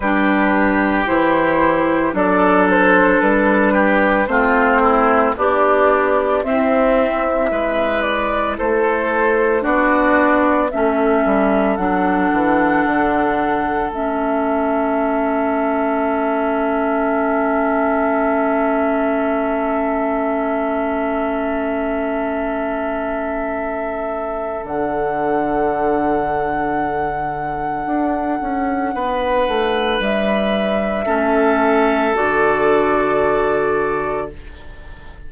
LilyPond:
<<
  \new Staff \with { instrumentName = "flute" } { \time 4/4 \tempo 4 = 56 b'4 c''4 d''8 c''8 b'4 | c''4 d''4 e''4. d''8 | c''4 d''4 e''4 fis''4~ | fis''4 e''2.~ |
e''1~ | e''2. fis''4~ | fis''1 | e''2 d''2 | }
  \new Staff \with { instrumentName = "oboe" } { \time 4/4 g'2 a'4. g'8 | f'8 e'8 d'4 c'4 b'4 | a'4 fis'4 a'2~ | a'1~ |
a'1~ | a'1~ | a'2. b'4~ | b'4 a'2. | }
  \new Staff \with { instrumentName = "clarinet" } { \time 4/4 d'4 e'4 d'2 | c'4 g'4 e'2~ | e'4 d'4 cis'4 d'4~ | d'4 cis'2.~ |
cis'1~ | cis'2. d'4~ | d'1~ | d'4 cis'4 fis'2 | }
  \new Staff \with { instrumentName = "bassoon" } { \time 4/4 g4 e4 fis4 g4 | a4 b4 c'4 gis4 | a4 b4 a8 g8 fis8 e8 | d4 a2.~ |
a1~ | a2. d4~ | d2 d'8 cis'8 b8 a8 | g4 a4 d2 | }
>>